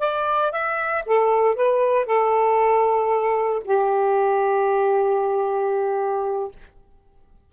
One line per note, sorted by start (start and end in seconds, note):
0.00 0.52 D5
0.52 1.04 E5
1.06 1.56 A4
1.56 2.06 B4
2.06 3.63 A4
3.65 6.52 G4